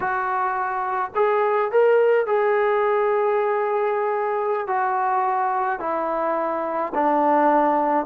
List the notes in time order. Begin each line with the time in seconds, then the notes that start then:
0.00 F#4
1.15 G#4
1.71 A#4
2.26 G#4
4.67 F#4
5.79 E4
6.94 D4